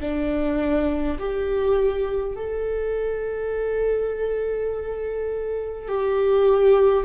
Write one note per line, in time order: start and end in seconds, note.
0.00 1.18 D4
1.19 2.35 G4
2.35 5.88 A4
5.88 7.04 G4